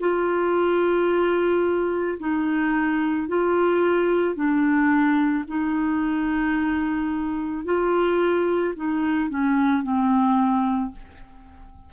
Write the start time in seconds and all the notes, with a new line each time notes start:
0.00 F4
2.19 D#4
3.27 F4
4.35 D4
5.47 D#4
7.64 F4
8.75 D#4
9.29 C#4
9.82 C4